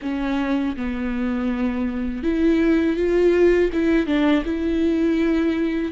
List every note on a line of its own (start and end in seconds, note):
0.02 0.76 C#4
0.76 2.23 B3
2.23 2.96 E4
2.96 3.70 F4
3.72 4.06 E4
4.06 4.43 D4
4.45 5.92 E4